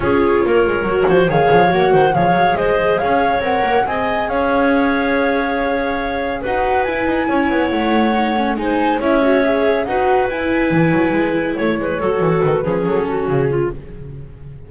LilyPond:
<<
  \new Staff \with { instrumentName = "flute" } { \time 4/4 \tempo 4 = 140 cis''2. f''4 | fis''4 f''4 dis''4 f''4 | fis''4 gis''4 f''2~ | f''2. fis''4 |
gis''2 fis''2 | gis''4 e''2 fis''4 | gis''2. cis''4~ | cis''4 b'4 a'4 gis'4 | }
  \new Staff \with { instrumentName = "clarinet" } { \time 4/4 gis'4 ais'4. c''8 cis''4~ | cis''8 c''8 cis''4 c''4 cis''4~ | cis''4 dis''4 cis''2~ | cis''2. b'4~ |
b'4 cis''2. | c''4 cis''2 b'4~ | b'2. cis''8 b'8 | a'4. gis'4 fis'4 f'8 | }
  \new Staff \with { instrumentName = "viola" } { \time 4/4 f'2 fis'4 gis'4 | fis'4 gis'2. | ais'4 gis'2.~ | gis'2. fis'4 |
e'2. dis'8 cis'8 | dis'4 e'8 fis'8 gis'4 fis'4 | e'1 | fis'4. cis'2~ cis'8 | }
  \new Staff \with { instrumentName = "double bass" } { \time 4/4 cis'4 ais8 gis8 fis8 f8 dis8 f8 | ais8 dis8 f8 fis8 gis4 cis'4 | c'8 ais8 c'4 cis'2~ | cis'2. dis'4 |
e'8 dis'8 cis'8 b8 a2 | gis4 cis'2 dis'4 | e'4 e8 fis8 gis4 a8 gis8 | fis8 e8 dis8 f8 fis4 cis4 | }
>>